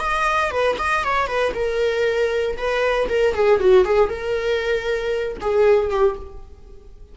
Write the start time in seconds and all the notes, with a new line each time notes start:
0.00 D#5
0.52 B4
0.79 D#5
1.04 C#5
1.28 B4
1.55 A#4
2.58 B4
3.09 A#4
3.35 G#4
3.60 F#4
3.85 G#4
4.10 A#4
5.41 G#4
5.90 G4